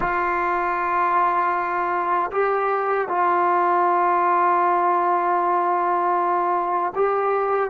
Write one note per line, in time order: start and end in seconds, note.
0.00 2.30 F4
2.31 3.08 G4
3.08 6.93 F4
6.95 7.70 G4